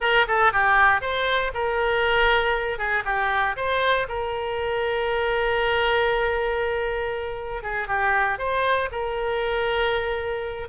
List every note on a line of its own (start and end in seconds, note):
0.00 0.26 A#4
0.27 0.52 A4
0.52 1.01 G4
1.01 1.52 C5
1.53 2.78 A#4
2.78 3.03 G#4
3.05 3.55 G4
3.56 4.07 C5
4.08 7.62 A#4
7.62 7.87 G#4
7.87 8.38 G4
8.38 8.89 C5
8.91 10.68 A#4